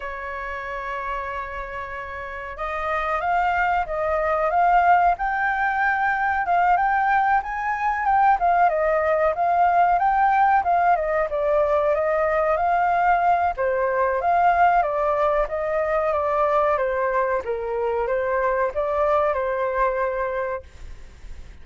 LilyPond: \new Staff \with { instrumentName = "flute" } { \time 4/4 \tempo 4 = 93 cis''1 | dis''4 f''4 dis''4 f''4 | g''2 f''8 g''4 gis''8~ | gis''8 g''8 f''8 dis''4 f''4 g''8~ |
g''8 f''8 dis''8 d''4 dis''4 f''8~ | f''4 c''4 f''4 d''4 | dis''4 d''4 c''4 ais'4 | c''4 d''4 c''2 | }